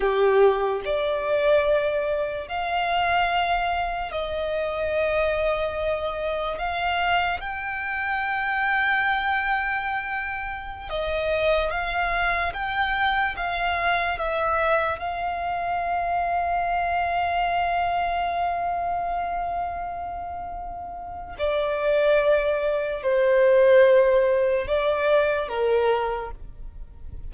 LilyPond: \new Staff \with { instrumentName = "violin" } { \time 4/4 \tempo 4 = 73 g'4 d''2 f''4~ | f''4 dis''2. | f''4 g''2.~ | g''4~ g''16 dis''4 f''4 g''8.~ |
g''16 f''4 e''4 f''4.~ f''16~ | f''1~ | f''2 d''2 | c''2 d''4 ais'4 | }